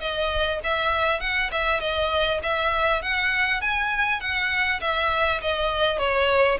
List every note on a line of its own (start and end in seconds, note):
0.00 0.60 D#5
0.64 1.20 E5
1.20 1.50 F#5
1.51 1.80 E5
1.80 2.40 D#5
2.42 3.02 E5
3.02 3.61 F#5
3.61 4.20 G#5
4.20 4.80 F#5
4.81 5.41 E5
5.41 5.98 D#5
5.98 6.58 C#5